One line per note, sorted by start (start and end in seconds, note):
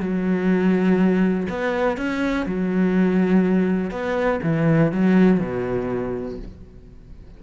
0.00 1.48 F#3
1.50 1.97 B3
1.97 2.46 C#4
2.46 3.91 F#3
3.91 4.40 B3
4.43 4.92 E3
4.92 5.40 F#3
5.40 6.39 B2